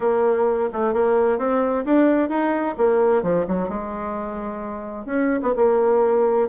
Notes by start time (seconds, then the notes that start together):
0.00 A#3
0.72 A3
0.93 A#3
1.38 C4
1.85 D4
2.29 D#4
2.77 A#3
3.22 F3
3.47 F#3
3.68 G#3
5.05 C#4
5.42 B3
5.56 A#3